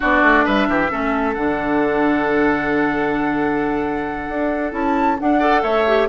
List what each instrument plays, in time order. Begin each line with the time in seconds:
0.00 bassoon B3, clarinet D4, oboe F#4, flute D5
0.22 bassoon A3
0.44 bassoon G3, oboe B4, flute E5
0.68 bassoon E3, oboe G4
0.89 bassoon A3, clarinet C#4, oboe A4
1.34 bassoon D3, clarinet D4, flute F#5
4.28 bassoon D4
4.71 bassoon C#4, clarinet E4, flute A5
5.19 clarinet D4, bassoon D4, flute F#5
5.38 clarinet A4, oboe D5
5.63 bassoon A3, oboe C#5, flute E5
5.86 clarinet G4